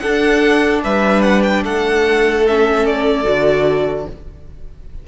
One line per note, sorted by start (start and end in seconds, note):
0.00 2.46 D4
0.00 0.84 D4
0.00 0.84 A4
0.00 0.81 F#5
0.84 1.64 G3
0.84 1.63 B4
0.84 1.22 E5
1.22 1.42 F#5
1.43 1.64 G5
1.63 3.25 A3
1.63 4.07 A4
1.63 2.46 F#5
2.47 3.24 C#4
2.47 2.86 E5
2.86 4.08 D5
3.24 4.06 D3
3.24 4.05 F#4